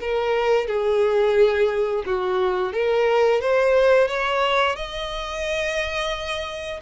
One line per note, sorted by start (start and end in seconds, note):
0.00 0.67 A#4
0.67 2.03 G#4
2.06 2.72 F#4
2.72 3.41 A#4
3.41 4.08 C5
4.08 4.75 C#5
4.75 6.80 D#5